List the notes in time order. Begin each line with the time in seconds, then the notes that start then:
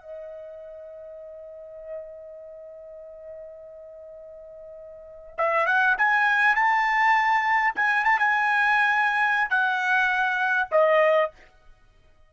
0.00 D#5
5.38 E5
5.66 F#5
5.98 G#5
6.55 A5
7.75 G#5
8.04 A5
8.19 G#5
9.49 F#5
10.71 D#5